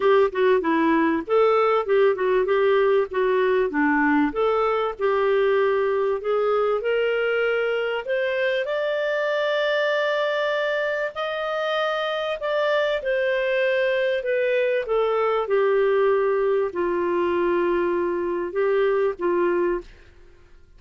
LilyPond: \new Staff \with { instrumentName = "clarinet" } { \time 4/4 \tempo 4 = 97 g'8 fis'8 e'4 a'4 g'8 fis'8 | g'4 fis'4 d'4 a'4 | g'2 gis'4 ais'4~ | ais'4 c''4 d''2~ |
d''2 dis''2 | d''4 c''2 b'4 | a'4 g'2 f'4~ | f'2 g'4 f'4 | }